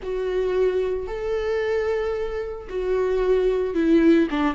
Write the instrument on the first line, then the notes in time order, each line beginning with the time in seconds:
viola
0.02 F#4
1.07 A4
2.69 F#4
3.74 E4
4.30 D4